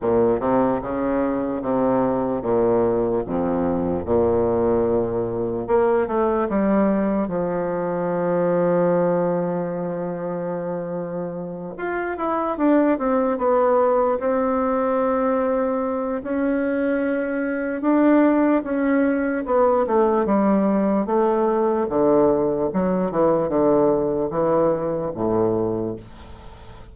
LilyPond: \new Staff \with { instrumentName = "bassoon" } { \time 4/4 \tempo 4 = 74 ais,8 c8 cis4 c4 ais,4 | f,4 ais,2 ais8 a8 | g4 f2.~ | f2~ f8 f'8 e'8 d'8 |
c'8 b4 c'2~ c'8 | cis'2 d'4 cis'4 | b8 a8 g4 a4 d4 | fis8 e8 d4 e4 a,4 | }